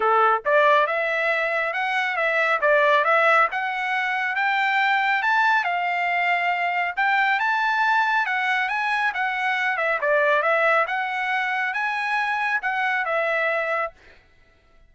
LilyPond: \new Staff \with { instrumentName = "trumpet" } { \time 4/4 \tempo 4 = 138 a'4 d''4 e''2 | fis''4 e''4 d''4 e''4 | fis''2 g''2 | a''4 f''2. |
g''4 a''2 fis''4 | gis''4 fis''4. e''8 d''4 | e''4 fis''2 gis''4~ | gis''4 fis''4 e''2 | }